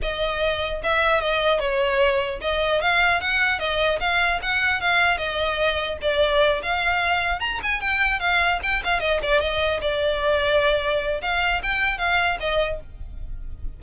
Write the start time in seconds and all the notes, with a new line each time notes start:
0.02 D#5
0.83 E5
1.21 D#5
1.59 C#5
2.41 D#5
2.81 F5
3.20 F#5
3.59 D#5
3.99 F5
4.42 F#5
4.80 F5
5.17 D#5
6.01 D5
6.62 F5
7.40 A#5
7.62 G#5
7.80 G5
8.19 F5
8.62 G5
8.84 F5
8.99 D#5
9.22 D5
9.40 D#5
9.81 D5
11.21 F5
11.63 G5
11.97 F5
12.40 D#5